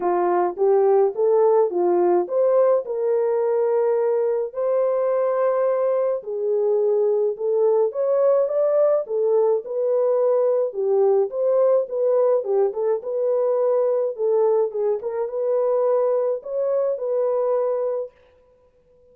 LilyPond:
\new Staff \with { instrumentName = "horn" } { \time 4/4 \tempo 4 = 106 f'4 g'4 a'4 f'4 | c''4 ais'2. | c''2. gis'4~ | gis'4 a'4 cis''4 d''4 |
a'4 b'2 g'4 | c''4 b'4 g'8 a'8 b'4~ | b'4 a'4 gis'8 ais'8 b'4~ | b'4 cis''4 b'2 | }